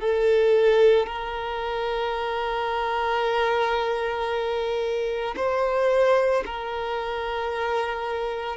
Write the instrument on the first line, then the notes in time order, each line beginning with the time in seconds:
violin
0.00 A4
1.06 A#4
5.36 C5
6.46 A#4